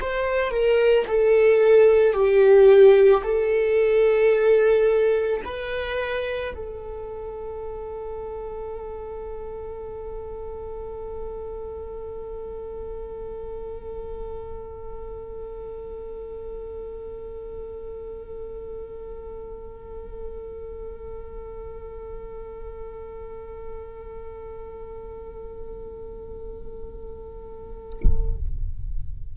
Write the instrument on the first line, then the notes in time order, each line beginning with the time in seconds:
viola
0.00 C5
0.50 A#4
1.07 A4
2.13 G4
3.23 A4
5.44 B4
6.55 A4